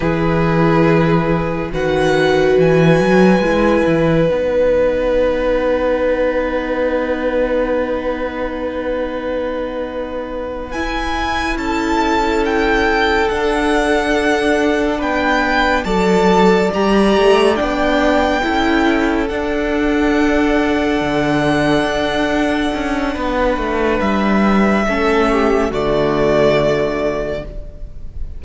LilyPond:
<<
  \new Staff \with { instrumentName = "violin" } { \time 4/4 \tempo 4 = 70 b'2 fis''4 gis''4~ | gis''4 fis''2.~ | fis''1~ | fis''8 gis''4 a''4 g''4 fis''8~ |
fis''4. g''4 a''4 ais''8~ | ais''8 g''2 fis''4.~ | fis''1 | e''2 d''2 | }
  \new Staff \with { instrumentName = "violin" } { \time 4/4 gis'2 b'2~ | b'1~ | b'1~ | b'4. a'2~ a'8~ |
a'4. b'4 d''4.~ | d''4. a'2~ a'8~ | a'2. b'4~ | b'4 a'8 g'8 fis'2 | }
  \new Staff \with { instrumentName = "viola" } { \time 4/4 e'2 fis'2 | e'4 dis'2.~ | dis'1~ | dis'8 e'2. d'8~ |
d'2~ d'8 a'4 g'8~ | g'8 d'4 e'4 d'4.~ | d'1~ | d'4 cis'4 a2 | }
  \new Staff \with { instrumentName = "cello" } { \time 4/4 e2 dis4 e8 fis8 | gis8 e8 b2.~ | b1~ | b8 e'4 cis'2 d'8~ |
d'4. b4 fis4 g8 | a8 b4 cis'4 d'4.~ | d'8 d4 d'4 cis'8 b8 a8 | g4 a4 d2 | }
>>